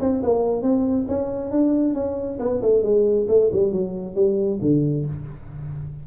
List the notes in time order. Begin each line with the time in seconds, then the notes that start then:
0.00 C4
0.23 A#3
0.62 C4
1.08 C#4
1.51 D4
1.94 C#4
2.39 B3
2.62 A3
2.82 G#3
3.28 A3
3.52 G3
3.72 F#3
4.15 G3
4.61 D3